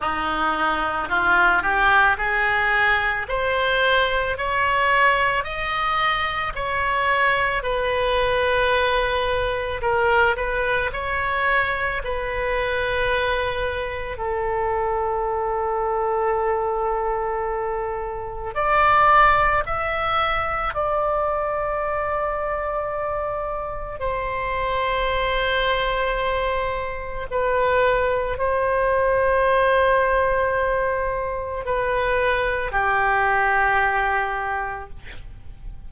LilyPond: \new Staff \with { instrumentName = "oboe" } { \time 4/4 \tempo 4 = 55 dis'4 f'8 g'8 gis'4 c''4 | cis''4 dis''4 cis''4 b'4~ | b'4 ais'8 b'8 cis''4 b'4~ | b'4 a'2.~ |
a'4 d''4 e''4 d''4~ | d''2 c''2~ | c''4 b'4 c''2~ | c''4 b'4 g'2 | }